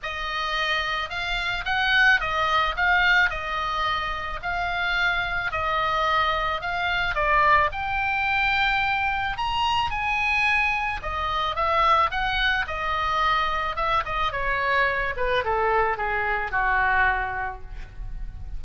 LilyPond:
\new Staff \with { instrumentName = "oboe" } { \time 4/4 \tempo 4 = 109 dis''2 f''4 fis''4 | dis''4 f''4 dis''2 | f''2 dis''2 | f''4 d''4 g''2~ |
g''4 ais''4 gis''2 | dis''4 e''4 fis''4 dis''4~ | dis''4 e''8 dis''8 cis''4. b'8 | a'4 gis'4 fis'2 | }